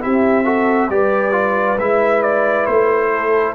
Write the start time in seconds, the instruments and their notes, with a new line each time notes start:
0.00 tuba C4, trombone E4, horn G4, trumpet E5
0.44 trombone F#4, horn A4
0.89 tuba G3, trombone G4, horn B4, trumpet D5
1.32 trombone F4
1.78 tuba G#3, trombone E4, trumpet E5
2.22 trumpet D5
2.66 tuba A3, trumpet C5
3.13 horn A4